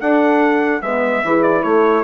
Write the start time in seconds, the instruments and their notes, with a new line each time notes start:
0.00 saxophone D4, bassoon D4, horn A4, trumpet F#5
0.82 bassoon G#3, saxophone B3, horn B4, trumpet E5
1.24 bassoon E3, saxophone E4, horn G#4
1.43 trumpet D5
1.63 bassoon A3, horn A4, trumpet C#5